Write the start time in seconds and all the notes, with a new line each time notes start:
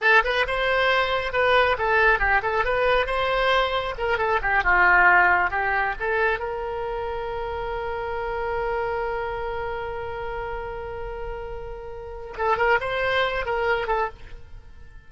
0.01 A4
0.24 B4
0.47 C5
1.32 B4
1.78 A4
2.19 G4
2.42 A4
2.64 B4
3.06 C5
3.98 A#4
4.18 A4
4.42 G4
4.63 F4
5.50 G4
5.99 A4
6.39 A#4
12.37 A4
12.57 A#4
12.80 C5
13.45 A#4
13.87 A4